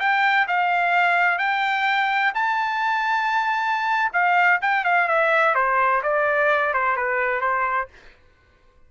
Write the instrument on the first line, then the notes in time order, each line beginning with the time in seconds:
trumpet
0.00 G5
0.48 F5
1.39 G5
2.35 A5
4.13 F5
4.62 G5
4.85 F5
5.09 E5
5.55 C5
6.03 D5
6.74 C5
6.97 B4
7.41 C5